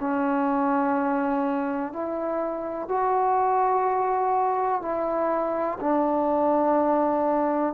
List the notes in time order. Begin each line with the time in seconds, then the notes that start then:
0.00 C#4
1.93 E4
2.89 F#4
4.82 E4
5.80 D4